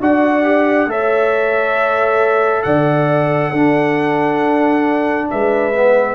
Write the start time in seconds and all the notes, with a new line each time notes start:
0.00 D4 F#4 D5 F#5
0.43 G4
0.86 A3 A4 C#5 E5
2.63 D3 D5 F#5
3.50 D4 A4
5.30 G#3 B4 E5
5.74 B3